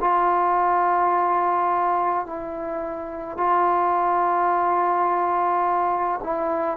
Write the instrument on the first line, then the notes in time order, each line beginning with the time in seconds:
trombone
0.00 F4
2.26 E4
3.37 F4
6.23 E4